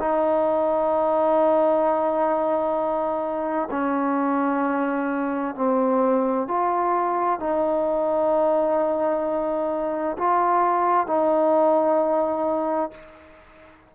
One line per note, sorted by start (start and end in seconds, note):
0.00 3.69 D#4
3.71 5.56 C#4
5.56 6.48 C4
6.48 7.40 F4
7.40 10.17 D#4
10.18 11.07 F4
11.07 12.91 D#4